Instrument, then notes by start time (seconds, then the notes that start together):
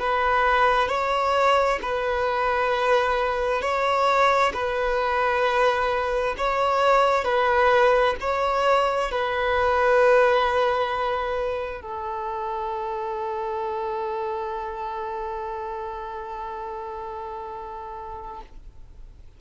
violin
0.00 B4
0.88 C#5
1.82 B4
3.62 C#5
4.54 B4
6.38 C#5
7.24 B4
8.21 C#5
9.11 B4
11.82 A4